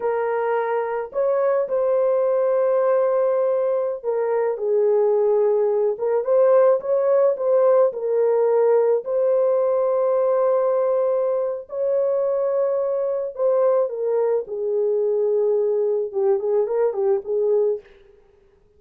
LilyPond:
\new Staff \with { instrumentName = "horn" } { \time 4/4 \tempo 4 = 108 ais'2 cis''4 c''4~ | c''2.~ c''16 ais'8.~ | ais'16 gis'2~ gis'8 ais'8 c''8.~ | c''16 cis''4 c''4 ais'4.~ ais'16~ |
ais'16 c''2.~ c''8.~ | c''4 cis''2. | c''4 ais'4 gis'2~ | gis'4 g'8 gis'8 ais'8 g'8 gis'4 | }